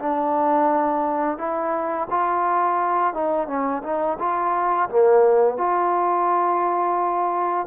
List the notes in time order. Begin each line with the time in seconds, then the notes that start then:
0.00 D4
1.38 E4
2.11 F4
3.14 D#4
3.48 C#4
3.83 D#4
4.20 F4
4.90 A#3
5.58 F4